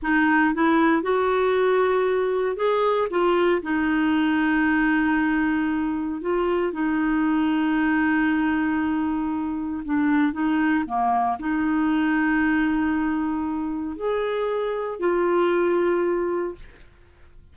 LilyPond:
\new Staff \with { instrumentName = "clarinet" } { \time 4/4 \tempo 4 = 116 dis'4 e'4 fis'2~ | fis'4 gis'4 f'4 dis'4~ | dis'1 | f'4 dis'2.~ |
dis'2. d'4 | dis'4 ais4 dis'2~ | dis'2. gis'4~ | gis'4 f'2. | }